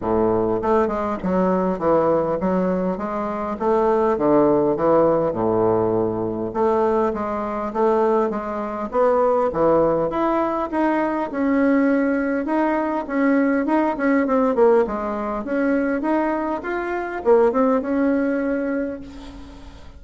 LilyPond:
\new Staff \with { instrumentName = "bassoon" } { \time 4/4 \tempo 4 = 101 a,4 a8 gis8 fis4 e4 | fis4 gis4 a4 d4 | e4 a,2 a4 | gis4 a4 gis4 b4 |
e4 e'4 dis'4 cis'4~ | cis'4 dis'4 cis'4 dis'8 cis'8 | c'8 ais8 gis4 cis'4 dis'4 | f'4 ais8 c'8 cis'2 | }